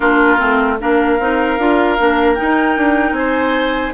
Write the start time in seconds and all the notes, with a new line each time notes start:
0.00 A#3 D4 F4 A#4
0.38 A3 C4
0.79 A#3 D4 A#4 F5
1.19 C4 D#4
1.58 D4 F4
1.98 A#3 D4
2.35 D#4 G5
2.41 D#4
2.77 D4
3.11 C4 G#5
3.18 C5